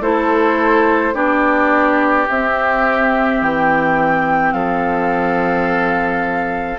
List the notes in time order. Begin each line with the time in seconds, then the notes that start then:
0.00 A3 E4 A4 C5
1.13 B3 D4 G4 D5
2.29 C4 E5
3.41 E3 G5
4.53 F3 A4 F5